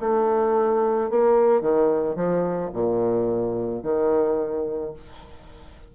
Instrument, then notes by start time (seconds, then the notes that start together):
bassoon
0.00 A3
1.10 A#3
1.61 D#3
2.16 F3
2.73 A#2
3.83 D#3